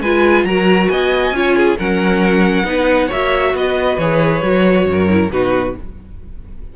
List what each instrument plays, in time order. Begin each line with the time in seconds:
0.00 cello G#3, viola F4, violin B4 G#5
0.44 cello F#3, viola F#4, violin A#4 A#5
0.88 cello B3, violin D#5 G#5
1.31 cello C#4, viola F4, violin C#5
1.56 violin G#4
1.78 cello F#3, viola C#4, violin A#4 F#5
2.63 cello B3, viola D#4, violin B4
3.07 cello A#3, viola F#4, violin C#5 E5
3.53 cello B3, violin B4 D#5
3.97 cello E3, viola G#4, violin C#5
4.42 cello F#3, viola F#4
4.85 cello F#2
4.92 violin A#4
5.08 viola E4
5.30 cello B2, viola D#4, violin F#4 B4